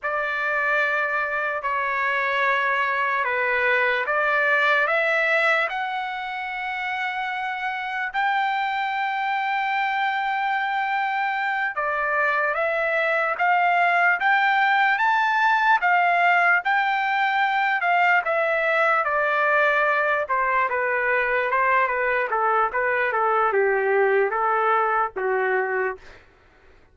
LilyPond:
\new Staff \with { instrumentName = "trumpet" } { \time 4/4 \tempo 4 = 74 d''2 cis''2 | b'4 d''4 e''4 fis''4~ | fis''2 g''2~ | g''2~ g''8 d''4 e''8~ |
e''8 f''4 g''4 a''4 f''8~ | f''8 g''4. f''8 e''4 d''8~ | d''4 c''8 b'4 c''8 b'8 a'8 | b'8 a'8 g'4 a'4 fis'4 | }